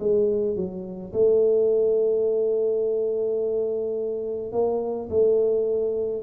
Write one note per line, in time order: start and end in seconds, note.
0.00 0.56 G#3
0.56 1.13 F#3
1.13 4.53 A3
4.53 5.09 A#3
5.10 6.23 A3